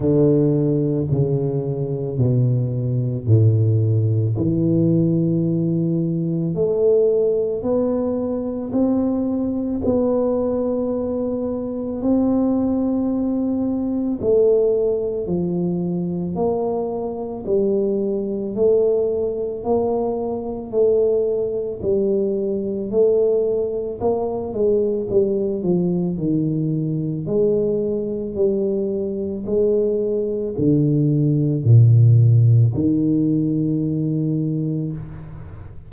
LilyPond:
\new Staff \with { instrumentName = "tuba" } { \time 4/4 \tempo 4 = 55 d4 cis4 b,4 a,4 | e2 a4 b4 | c'4 b2 c'4~ | c'4 a4 f4 ais4 |
g4 a4 ais4 a4 | g4 a4 ais8 gis8 g8 f8 | dis4 gis4 g4 gis4 | d4 ais,4 dis2 | }